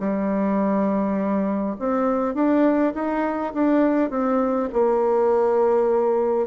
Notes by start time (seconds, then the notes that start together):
0.00 G3
1.79 C4
2.34 D4
2.95 D#4
3.54 D4
4.10 C4
4.73 A#3